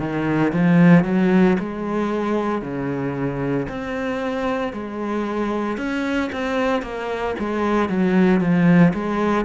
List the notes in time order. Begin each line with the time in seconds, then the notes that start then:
0.00 D#3
0.53 F3
1.05 F#3
1.60 G#3
2.62 C#3
3.69 C4
4.73 G#3
5.78 C#4
6.33 C4
6.83 A#3
7.39 G#3
7.89 F#3
8.41 F3
8.94 G#3